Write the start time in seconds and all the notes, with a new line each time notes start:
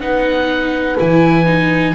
0.00 B3 D#4 B4 F#5
0.99 E3 E4 G#5
1.46 D#4